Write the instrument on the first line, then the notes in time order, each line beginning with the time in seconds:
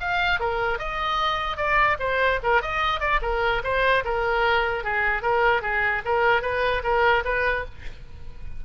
oboe
0.00 F5
0.40 A#4
0.79 D#5
1.57 D5
1.99 C5
2.43 A#4
2.62 D#5
3.00 D5
3.22 A#4
3.64 C5
4.04 A#4
4.84 G#4
5.22 A#4
5.62 G#4
6.05 A#4
6.42 B4
6.83 A#4
7.24 B4